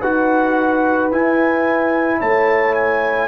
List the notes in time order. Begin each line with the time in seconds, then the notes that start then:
0.00 D#4 F#4 B4 F#5
1.12 E4 G#5
2.20 A3 C#5 A5
2.75 G#5